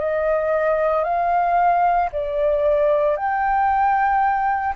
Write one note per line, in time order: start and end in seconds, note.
0.00 1.04 D#5
1.04 2.10 F5
2.12 3.17 D5
3.17 4.75 G5